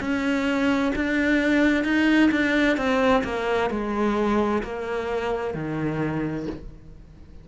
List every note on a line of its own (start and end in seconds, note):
0.00 0.92 C#4
0.95 1.84 D4
1.84 2.30 D#4
2.31 2.77 D4
2.77 3.23 C4
3.24 3.70 A#3
3.70 4.62 G#3
4.62 5.54 A#3
5.54 6.47 D#3